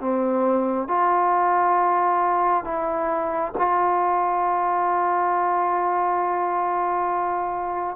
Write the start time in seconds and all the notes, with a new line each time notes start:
0.00 C4
0.88 F4
2.64 E4
3.58 F4